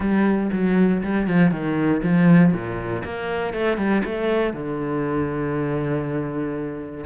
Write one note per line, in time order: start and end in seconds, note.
0.00 0.50 G3
0.52 1.02 F#3
1.03 1.27 G3
1.27 1.51 F3
1.51 2.01 D#3
2.02 2.53 F3
2.53 3.03 A#2
3.04 3.53 A#3
3.53 3.77 A3
3.77 4.02 G3
4.05 4.53 A3
4.53 7.05 D3